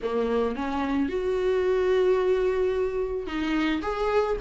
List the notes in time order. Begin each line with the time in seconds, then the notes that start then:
0.02 A#3
0.55 C#4
1.09 F#4
3.27 D#4
3.82 G#4